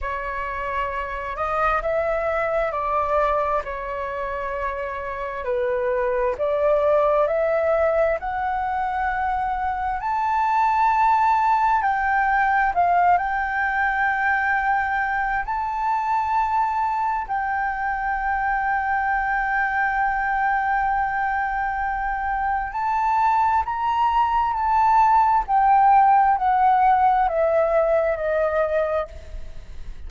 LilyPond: \new Staff \with { instrumentName = "flute" } { \time 4/4 \tempo 4 = 66 cis''4. dis''8 e''4 d''4 | cis''2 b'4 d''4 | e''4 fis''2 a''4~ | a''4 g''4 f''8 g''4.~ |
g''4 a''2 g''4~ | g''1~ | g''4 a''4 ais''4 a''4 | g''4 fis''4 e''4 dis''4 | }